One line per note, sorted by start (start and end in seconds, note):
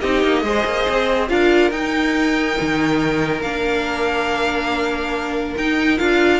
0.00 0.23 C4
0.00 0.43 D#4
0.00 0.43 G4
0.00 1.28 D#5
0.23 0.42 A#3
0.42 0.64 G#3
0.42 1.28 G#4
0.42 1.30 C5
0.65 0.86 A#3
0.89 1.29 C4
1.28 1.71 D4
1.28 1.71 F4
1.28 6.39 A#4
1.28 1.71 F5
1.71 2.56 D#4
1.71 3.43 D#4
1.71 3.41 G5
2.60 3.42 D#3
3.41 5.54 A#3
3.41 5.56 D4
3.41 5.54 F5
5.57 6.00 D#4
5.57 5.98 D#4
5.57 5.98 G5
5.98 6.39 D4
5.98 6.39 F4
5.98 6.39 F5